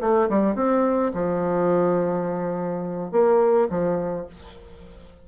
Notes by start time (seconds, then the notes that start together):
0.00 A3
0.29 G3
0.55 C4
1.13 F3
3.11 A#3
3.69 F3